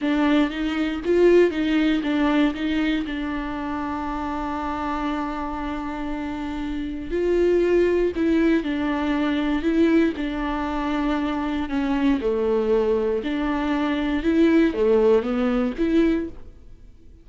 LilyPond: \new Staff \with { instrumentName = "viola" } { \time 4/4 \tempo 4 = 118 d'4 dis'4 f'4 dis'4 | d'4 dis'4 d'2~ | d'1~ | d'2 f'2 |
e'4 d'2 e'4 | d'2. cis'4 | a2 d'2 | e'4 a4 b4 e'4 | }